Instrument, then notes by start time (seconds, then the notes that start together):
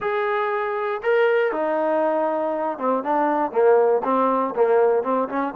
trombone
0.00 G#4
1.02 A#4
1.52 D#4
2.78 C4
3.03 D4
3.51 A#3
4.04 C4
4.55 A#3
5.03 C4
5.28 C#4